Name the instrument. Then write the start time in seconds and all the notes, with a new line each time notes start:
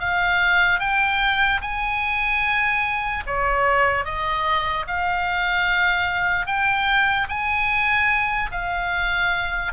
oboe
0.00 F5
0.80 G5
1.61 G#5
3.27 C#5
4.05 D#5
4.88 F5
6.47 G5
7.29 G#5
8.52 F5